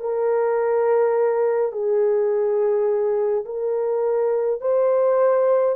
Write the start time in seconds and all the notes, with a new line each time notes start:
0.00 A#4
1.72 G#4
3.46 A#4
4.61 C5